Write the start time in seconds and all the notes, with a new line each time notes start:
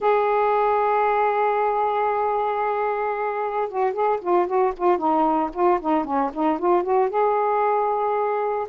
0.00 G#4
3.68 F#4
3.92 G#4
4.21 F4
4.46 F#4
4.76 F4
4.97 D#4
5.53 F4
5.80 D#4
6.04 C#4
6.33 D#4
6.58 F4
6.83 F#4
7.09 G#4